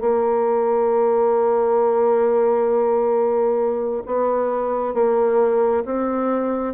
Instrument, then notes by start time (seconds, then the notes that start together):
bassoon
0.00 A#3
4.06 B3
4.94 A#3
5.85 C4